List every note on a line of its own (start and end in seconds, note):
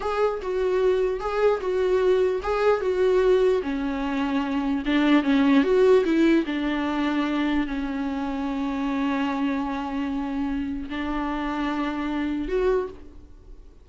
0.00 0.40 G#4
0.41 1.20 F#4
1.20 1.60 G#4
1.60 2.41 F#4
2.42 2.81 G#4
2.81 3.61 F#4
3.62 4.83 C#4
4.85 5.23 D4
5.23 5.63 C#4
5.63 6.03 F#4
6.04 6.44 E4
6.45 7.66 D4
7.66 10.89 C#4
10.89 12.48 D4
12.48 12.88 F#4